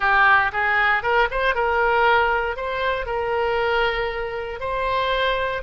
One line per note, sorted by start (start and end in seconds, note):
0.00 0.51 G4
0.52 1.03 G#4
1.03 1.28 A#4
1.30 1.54 C5
1.54 2.56 A#4
2.56 3.06 C5
3.06 4.59 A#4
4.59 5.62 C5